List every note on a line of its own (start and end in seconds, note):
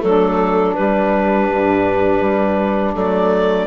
0.00 0.77 F#3
0.00 0.73 A3
0.00 3.67 D4
0.00 0.75 A4
0.75 2.95 G3
0.75 1.50 G3
0.75 2.94 B4
1.50 2.21 G2
2.21 2.94 G3
2.95 3.67 F#3
2.95 3.67 A3
2.95 3.67 D5